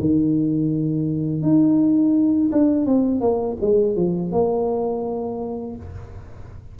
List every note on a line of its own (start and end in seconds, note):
0.00 1.42 D#3
1.42 2.50 D#4
2.51 2.86 D4
2.86 3.20 C4
3.20 3.57 A#3
3.61 3.96 G#3
3.96 4.31 F3
4.31 5.76 A#3